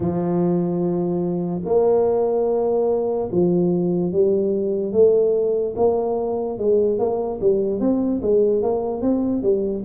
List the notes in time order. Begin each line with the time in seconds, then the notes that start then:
0.00 F3
1.65 A#3
3.31 F3
4.11 G3
4.92 A3
5.76 A#3
6.58 G#3
6.98 A#3
7.40 G3
7.80 C4
8.22 G#3
8.62 A#3
9.01 C4
9.42 G3